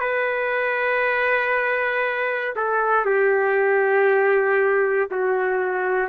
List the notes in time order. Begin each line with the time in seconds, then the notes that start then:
0.00 B4
2.56 A4
3.05 G4
5.11 F#4